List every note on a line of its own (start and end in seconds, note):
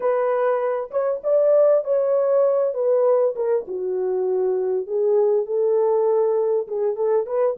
0.00 0.90 B4
0.90 1.21 C#5
1.23 1.84 D5
1.84 2.74 C#5
2.74 3.34 B4
3.35 3.66 A#4
3.67 4.87 F#4
4.87 5.45 G#4
5.45 6.67 A4
6.67 6.96 G#4
6.96 7.26 A4
7.26 7.56 B4